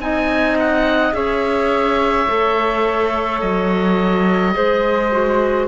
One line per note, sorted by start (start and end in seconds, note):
0.00 1.13 C4
0.00 1.13 D#4
0.00 1.15 D#5
0.00 0.58 G#5
0.59 1.14 F#5
1.13 2.27 C#4
1.13 2.26 G#4
1.13 4.55 C#5
1.13 3.40 E5
2.28 3.42 A3
2.28 4.53 A4
3.41 4.55 F#3
3.41 5.67 D#5
4.53 5.67 G#3
4.53 5.10 G#4
4.53 5.67 C5
5.12 5.67 F#4